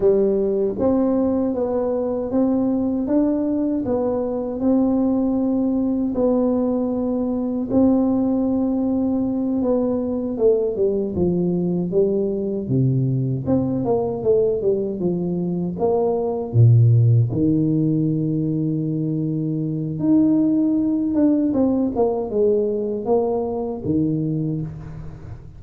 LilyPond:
\new Staff \with { instrumentName = "tuba" } { \time 4/4 \tempo 4 = 78 g4 c'4 b4 c'4 | d'4 b4 c'2 | b2 c'2~ | c'8 b4 a8 g8 f4 g8~ |
g8 c4 c'8 ais8 a8 g8 f8~ | f8 ais4 ais,4 dis4.~ | dis2 dis'4. d'8 | c'8 ais8 gis4 ais4 dis4 | }